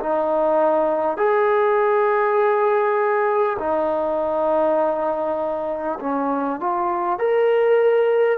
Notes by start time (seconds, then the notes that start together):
0.00 D#4
1.18 G#4
3.59 D#4
6.01 C#4
6.61 F4
7.19 A#4